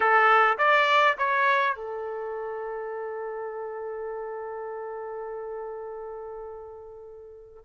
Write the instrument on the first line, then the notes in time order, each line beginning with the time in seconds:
trumpet
0.00 A4
0.57 D5
1.18 C#5
1.75 A4